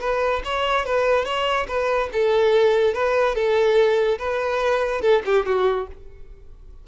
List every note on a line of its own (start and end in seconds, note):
0.00 0.42 B4
0.44 0.85 C#5
0.85 1.25 B4
1.25 1.66 C#5
1.67 2.09 B4
2.12 2.93 A4
2.93 3.34 B4
3.34 4.18 A4
4.18 5.01 B4
5.01 5.22 A4
5.25 5.45 G4
5.45 5.87 F#4